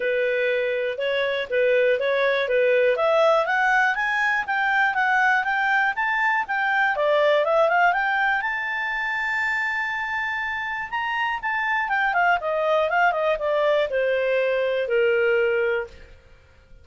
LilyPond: \new Staff \with { instrumentName = "clarinet" } { \time 4/4 \tempo 4 = 121 b'2 cis''4 b'4 | cis''4 b'4 e''4 fis''4 | gis''4 g''4 fis''4 g''4 | a''4 g''4 d''4 e''8 f''8 |
g''4 a''2.~ | a''2 ais''4 a''4 | g''8 f''8 dis''4 f''8 dis''8 d''4 | c''2 ais'2 | }